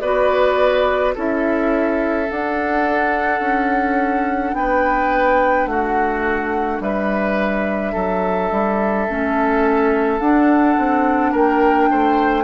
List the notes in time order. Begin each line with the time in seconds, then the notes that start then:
0.00 B3 F#4 B4 D5
1.15 C#4 E4 A4 E5
2.26 D4 F#5
3.40 C#4
4.53 B3 B4 G5
5.66 A3 F#4 F#5
6.80 G3 B4 E5
7.92 F#3 A4
8.51 G3
9.08 A3 C#4
10.19 D4 F#5
10.78 C4
11.31 A#3 A#4 G5
11.91 A3 C5